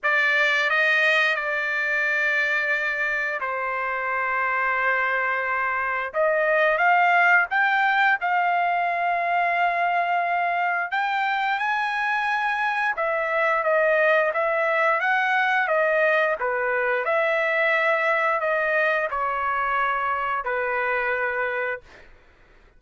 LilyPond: \new Staff \with { instrumentName = "trumpet" } { \time 4/4 \tempo 4 = 88 d''4 dis''4 d''2~ | d''4 c''2.~ | c''4 dis''4 f''4 g''4 | f''1 |
g''4 gis''2 e''4 | dis''4 e''4 fis''4 dis''4 | b'4 e''2 dis''4 | cis''2 b'2 | }